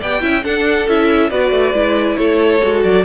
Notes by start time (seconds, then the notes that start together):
0.00 B3 G4 D5 G5
0.22 C#4 E4 E5
0.43 D4 A4 F#5
0.88 C#4 E4 E5
1.30 B3 F#4 B4 D5
1.51 A3
1.74 G#3 E4
2.17 A3 A4 C#5
2.62 G#3 F#4
2.84 F#3 D5